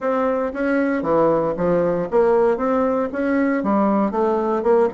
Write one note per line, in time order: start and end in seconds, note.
0.00 0.52 C4
0.53 1.02 C#4
1.02 1.54 E3
1.56 2.08 F3
2.11 2.57 A#3
2.57 3.08 C4
3.12 3.63 C#4
3.63 4.11 G3
4.11 4.62 A3
4.62 4.88 A#3